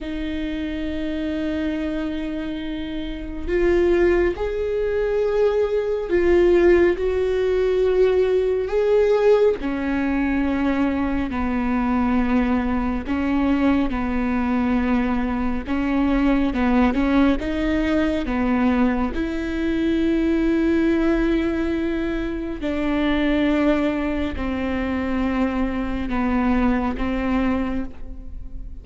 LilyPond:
\new Staff \with { instrumentName = "viola" } { \time 4/4 \tempo 4 = 69 dis'1 | f'4 gis'2 f'4 | fis'2 gis'4 cis'4~ | cis'4 b2 cis'4 |
b2 cis'4 b8 cis'8 | dis'4 b4 e'2~ | e'2 d'2 | c'2 b4 c'4 | }